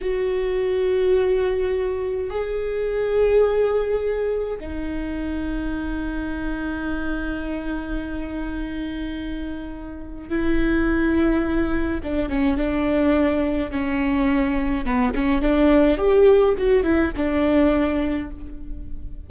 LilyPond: \new Staff \with { instrumentName = "viola" } { \time 4/4 \tempo 4 = 105 fis'1 | gis'1 | dis'1~ | dis'1~ |
dis'2 e'2~ | e'4 d'8 cis'8 d'2 | cis'2 b8 cis'8 d'4 | g'4 fis'8 e'8 d'2 | }